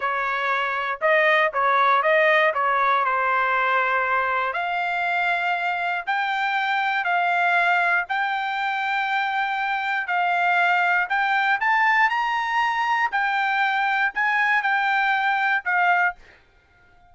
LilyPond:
\new Staff \with { instrumentName = "trumpet" } { \time 4/4 \tempo 4 = 119 cis''2 dis''4 cis''4 | dis''4 cis''4 c''2~ | c''4 f''2. | g''2 f''2 |
g''1 | f''2 g''4 a''4 | ais''2 g''2 | gis''4 g''2 f''4 | }